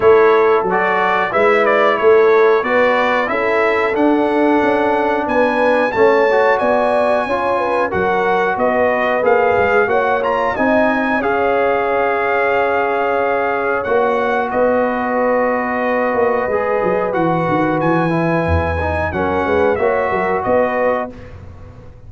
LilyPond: <<
  \new Staff \with { instrumentName = "trumpet" } { \time 4/4 \tempo 4 = 91 cis''4 d''4 e''8 d''8 cis''4 | d''4 e''4 fis''2 | gis''4 a''4 gis''2 | fis''4 dis''4 f''4 fis''8 ais''8 |
gis''4 f''2.~ | f''4 fis''4 dis''2~ | dis''2 fis''4 gis''4~ | gis''4 fis''4 e''4 dis''4 | }
  \new Staff \with { instrumentName = "horn" } { \time 4/4 a'2 b'4 a'4 | b'4 a'2. | b'4 cis''4 d''4 cis''8 b'8 | ais'4 b'2 cis''4 |
dis''4 cis''2.~ | cis''2 b'2~ | b'1~ | b'4 ais'8 b'8 cis''8 ais'8 b'4 | }
  \new Staff \with { instrumentName = "trombone" } { \time 4/4 e'4 fis'4 e'2 | fis'4 e'4 d'2~ | d'4 cis'8 fis'4. f'4 | fis'2 gis'4 fis'8 f'8 |
dis'4 gis'2.~ | gis'4 fis'2.~ | fis'4 gis'4 fis'4. e'8~ | e'8 dis'8 cis'4 fis'2 | }
  \new Staff \with { instrumentName = "tuba" } { \time 4/4 a4 fis4 gis4 a4 | b4 cis'4 d'4 cis'4 | b4 a4 b4 cis'4 | fis4 b4 ais8 gis8 ais4 |
c'4 cis'2.~ | cis'4 ais4 b2~ | b8 ais8 gis8 fis8 e8 dis8 e4 | e,4 fis8 gis8 ais8 fis8 b4 | }
>>